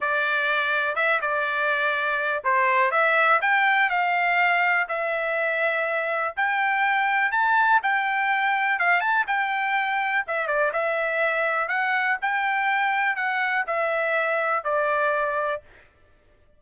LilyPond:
\new Staff \with { instrumentName = "trumpet" } { \time 4/4 \tempo 4 = 123 d''2 e''8 d''4.~ | d''4 c''4 e''4 g''4 | f''2 e''2~ | e''4 g''2 a''4 |
g''2 f''8 a''8 g''4~ | g''4 e''8 d''8 e''2 | fis''4 g''2 fis''4 | e''2 d''2 | }